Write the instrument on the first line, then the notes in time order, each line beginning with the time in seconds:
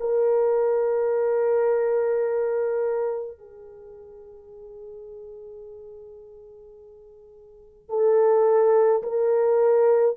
horn
0.00 A#4
3.38 G#4
7.89 A4
9.03 A#4